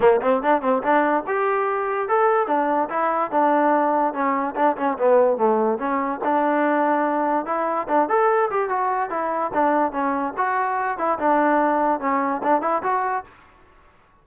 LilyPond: \new Staff \with { instrumentName = "trombone" } { \time 4/4 \tempo 4 = 145 ais8 c'8 d'8 c'8 d'4 g'4~ | g'4 a'4 d'4 e'4 | d'2 cis'4 d'8 cis'8 | b4 a4 cis'4 d'4~ |
d'2 e'4 d'8 a'8~ | a'8 g'8 fis'4 e'4 d'4 | cis'4 fis'4. e'8 d'4~ | d'4 cis'4 d'8 e'8 fis'4 | }